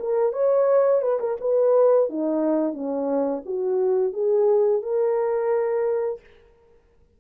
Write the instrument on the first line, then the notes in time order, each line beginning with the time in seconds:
horn
0.00 A#4
0.33 C#5
1.02 B4
1.20 A#4
1.41 B4
2.10 D#4
2.74 C#4
3.46 F#4
4.13 G#4
4.83 A#4